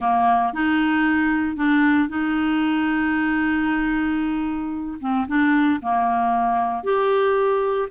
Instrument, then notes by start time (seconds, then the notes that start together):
clarinet
0.00 A#3
0.53 D#4
1.56 D4
2.08 D#4
5.00 C4
5.27 D4
5.82 A#3
6.83 G4